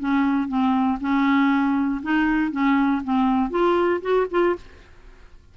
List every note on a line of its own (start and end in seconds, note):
0.00 0.49 C#4
0.49 0.99 C4
1.01 2.02 C#4
2.03 2.52 D#4
2.52 3.03 C#4
3.04 3.51 C4
3.51 4.01 F4
4.02 4.27 F#4
4.31 4.57 F4